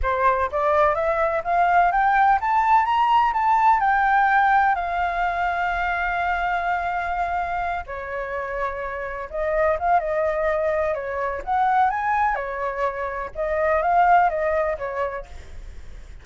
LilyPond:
\new Staff \with { instrumentName = "flute" } { \time 4/4 \tempo 4 = 126 c''4 d''4 e''4 f''4 | g''4 a''4 ais''4 a''4 | g''2 f''2~ | f''1~ |
f''8 cis''2. dis''8~ | dis''8 f''8 dis''2 cis''4 | fis''4 gis''4 cis''2 | dis''4 f''4 dis''4 cis''4 | }